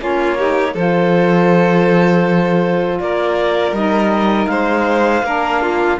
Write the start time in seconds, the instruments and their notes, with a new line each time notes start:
0.00 cello A#3, saxophone C#4, violin F4, clarinet C#5
0.38 saxophone D#4, violin G4
0.74 cello F3, saxophone F4, violin A4, clarinet C5
3.00 cello A#3, violin A#4, clarinet D5
3.72 cello G3, saxophone D#4, clarinet D#5
4.47 cello G#3, violin C5, clarinet F5
5.23 cello A#3, saxophone D4, violin A#4
5.62 violin F4